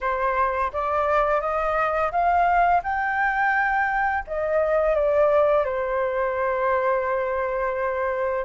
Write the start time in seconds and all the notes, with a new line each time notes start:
0.01 C5
0.73 D5
1.40 D#5
2.11 F5
2.83 G5
4.27 D#5
4.95 D5
5.64 C5